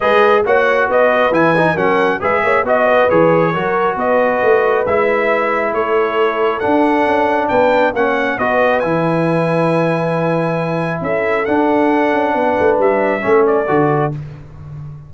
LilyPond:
<<
  \new Staff \with { instrumentName = "trumpet" } { \time 4/4 \tempo 4 = 136 dis''4 fis''4 dis''4 gis''4 | fis''4 e''4 dis''4 cis''4~ | cis''4 dis''2 e''4~ | e''4 cis''2 fis''4~ |
fis''4 g''4 fis''4 dis''4 | gis''1~ | gis''4 e''4 fis''2~ | fis''4 e''4. d''4. | }
  \new Staff \with { instrumentName = "horn" } { \time 4/4 b'4 cis''4 b'2 | ais'4 b'8 cis''8 dis''8 b'4. | ais'4 b'2.~ | b'4 a'2.~ |
a'4 b'4 cis''4 b'4~ | b'1~ | b'4 a'2. | b'2 a'2 | }
  \new Staff \with { instrumentName = "trombone" } { \time 4/4 gis'4 fis'2 e'8 dis'8 | cis'4 gis'4 fis'4 gis'4 | fis'2. e'4~ | e'2. d'4~ |
d'2 cis'4 fis'4 | e'1~ | e'2 d'2~ | d'2 cis'4 fis'4 | }
  \new Staff \with { instrumentName = "tuba" } { \time 4/4 gis4 ais4 b4 e4 | fis4 gis8 ais8 b4 e4 | fis4 b4 a4 gis4~ | gis4 a2 d'4 |
cis'4 b4 ais4 b4 | e1~ | e4 cis'4 d'4. cis'8 | b8 a8 g4 a4 d4 | }
>>